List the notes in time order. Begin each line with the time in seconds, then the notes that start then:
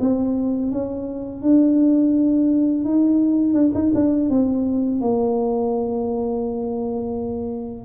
0.00 C4
0.71 C#4
1.42 D4
2.84 D#4
3.53 D4
3.74 D#4
3.94 D4
4.29 C4
5.00 A#3